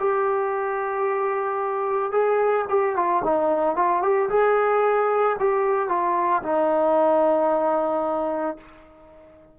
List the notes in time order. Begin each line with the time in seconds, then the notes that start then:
0.00 G4
2.12 G#4
2.69 G4
2.96 F4
3.24 D#4
3.76 F4
4.02 G4
4.30 G#4
5.40 G4
5.89 F4
6.43 D#4